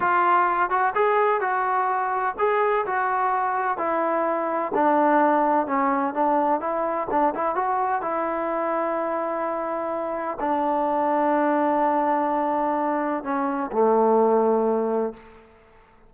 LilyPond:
\new Staff \with { instrumentName = "trombone" } { \time 4/4 \tempo 4 = 127 f'4. fis'8 gis'4 fis'4~ | fis'4 gis'4 fis'2 | e'2 d'2 | cis'4 d'4 e'4 d'8 e'8 |
fis'4 e'2.~ | e'2 d'2~ | d'1 | cis'4 a2. | }